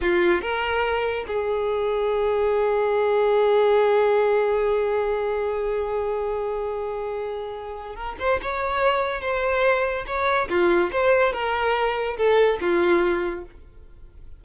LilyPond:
\new Staff \with { instrumentName = "violin" } { \time 4/4 \tempo 4 = 143 f'4 ais'2 gis'4~ | gis'1~ | gis'1~ | gis'1~ |
gis'2. ais'8 c''8 | cis''2 c''2 | cis''4 f'4 c''4 ais'4~ | ais'4 a'4 f'2 | }